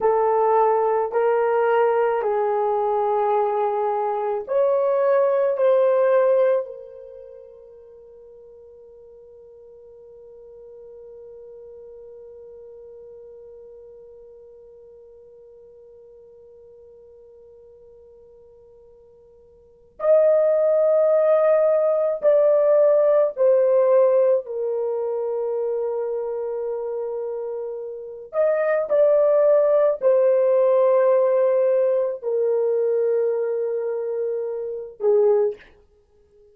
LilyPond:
\new Staff \with { instrumentName = "horn" } { \time 4/4 \tempo 4 = 54 a'4 ais'4 gis'2 | cis''4 c''4 ais'2~ | ais'1~ | ais'1~ |
ais'2 dis''2 | d''4 c''4 ais'2~ | ais'4. dis''8 d''4 c''4~ | c''4 ais'2~ ais'8 gis'8 | }